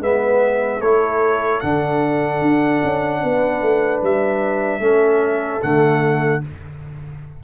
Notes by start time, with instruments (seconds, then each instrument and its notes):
0.00 tuba G#3, trombone B3, horn B4, trumpet E5
0.81 tuba A3, trombone E4, horn A4, trumpet C#5
1.60 tuba D3, trombone D4, trumpet F#5
2.42 tuba D4
2.84 tuba C#4
3.23 tuba B3, horn B4
3.62 tuba A3
4.03 tuba G3, trumpet E5
4.79 tuba A3, trombone C#4, horn A4
5.62 tuba D3, trombone A3, trumpet F#5